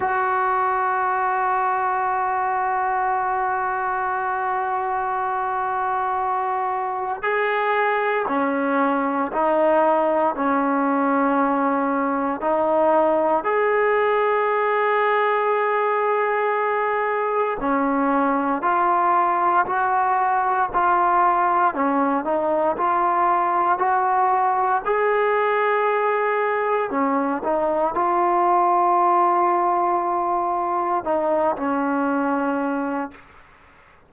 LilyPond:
\new Staff \with { instrumentName = "trombone" } { \time 4/4 \tempo 4 = 58 fis'1~ | fis'2. gis'4 | cis'4 dis'4 cis'2 | dis'4 gis'2.~ |
gis'4 cis'4 f'4 fis'4 | f'4 cis'8 dis'8 f'4 fis'4 | gis'2 cis'8 dis'8 f'4~ | f'2 dis'8 cis'4. | }